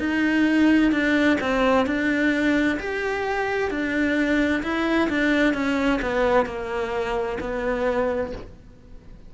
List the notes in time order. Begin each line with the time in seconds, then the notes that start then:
0.00 D#4
0.92 D4
1.41 C4
1.86 D4
2.80 G4
3.71 D4
4.63 E4
5.10 D4
5.54 C#4
6.02 B3
6.46 A#3
7.41 B3